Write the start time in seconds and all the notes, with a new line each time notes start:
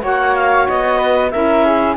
0.00 A#3 F#4 C#5
0.06 F#5
0.36 F5
0.68 B3 D#5
0.98 B4
1.31 C#4 E4 A#4 E5
1.65 G#4